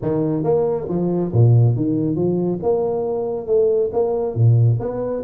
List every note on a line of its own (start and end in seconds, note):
0.02 0.43 D#3
0.43 0.87 A#3
0.88 1.32 F3
1.32 1.75 A#2
1.76 2.15 D#3
2.15 2.59 F3
2.62 3.46 A#3
3.46 3.90 A3
3.92 4.35 A#3
4.35 4.78 A#2
4.79 5.23 B3